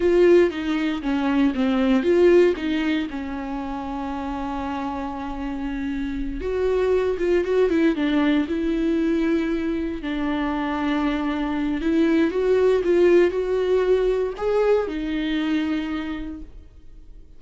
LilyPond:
\new Staff \with { instrumentName = "viola" } { \time 4/4 \tempo 4 = 117 f'4 dis'4 cis'4 c'4 | f'4 dis'4 cis'2~ | cis'1~ | cis'8 fis'4. f'8 fis'8 e'8 d'8~ |
d'8 e'2. d'8~ | d'2. e'4 | fis'4 f'4 fis'2 | gis'4 dis'2. | }